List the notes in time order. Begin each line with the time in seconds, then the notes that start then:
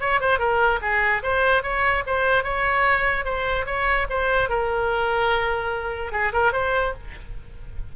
0.00 C#5
0.20 C5
0.39 A#4
0.81 G#4
1.22 C5
1.63 C#5
2.06 C5
2.43 C#5
3.24 C5
3.66 C#5
4.09 C5
4.49 A#4
6.12 G#4
6.33 A#4
6.52 C5